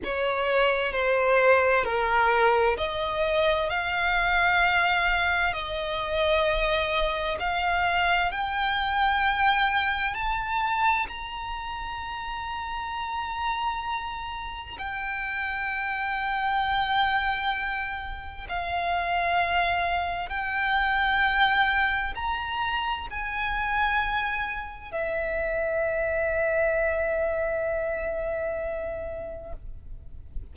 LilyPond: \new Staff \with { instrumentName = "violin" } { \time 4/4 \tempo 4 = 65 cis''4 c''4 ais'4 dis''4 | f''2 dis''2 | f''4 g''2 a''4 | ais''1 |
g''1 | f''2 g''2 | ais''4 gis''2 e''4~ | e''1 | }